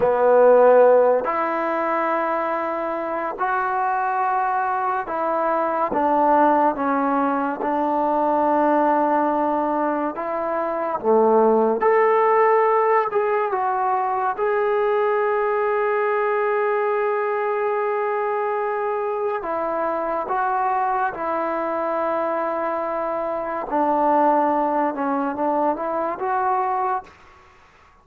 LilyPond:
\new Staff \with { instrumentName = "trombone" } { \time 4/4 \tempo 4 = 71 b4. e'2~ e'8 | fis'2 e'4 d'4 | cis'4 d'2. | e'4 a4 a'4. gis'8 |
fis'4 gis'2.~ | gis'2. e'4 | fis'4 e'2. | d'4. cis'8 d'8 e'8 fis'4 | }